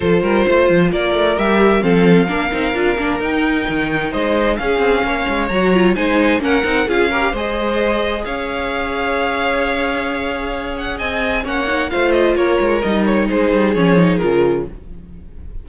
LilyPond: <<
  \new Staff \with { instrumentName = "violin" } { \time 4/4 \tempo 4 = 131 c''2 d''4 e''4 | f''2. g''4~ | g''4 dis''4 f''2 | ais''4 gis''4 fis''4 f''4 |
dis''2 f''2~ | f''2.~ f''8 fis''8 | gis''4 fis''4 f''8 dis''8 cis''4 | dis''8 cis''8 c''4 cis''4 ais'4 | }
  \new Staff \with { instrumentName = "violin" } { \time 4/4 a'8 ais'8 c''4 ais'2 | a'4 ais'2.~ | ais'4 c''4 gis'4 cis''4~ | cis''4 c''4 ais'4 gis'8 ais'8 |
c''2 cis''2~ | cis''1 | dis''4 cis''4 c''4 ais'4~ | ais'4 gis'2. | }
  \new Staff \with { instrumentName = "viola" } { \time 4/4 f'2. g'4 | c'4 d'8 dis'8 f'8 d'8 dis'4~ | dis'2 cis'2 | fis'8 f'8 dis'4 cis'8 dis'8 f'8 g'8 |
gis'1~ | gis'1~ | gis'4 cis'8 dis'8 f'2 | dis'2 cis'8 dis'8 f'4 | }
  \new Staff \with { instrumentName = "cello" } { \time 4/4 f8 g8 a8 f8 ais8 a8 g4 | f4 ais8 c'8 d'8 ais8 dis'4 | dis4 gis4 cis'8 c'8 ais8 gis8 | fis4 gis4 ais8 c'8 cis'4 |
gis2 cis'2~ | cis'1 | c'4 ais4 a4 ais8 gis8 | g4 gis8 g8 f4 cis4 | }
>>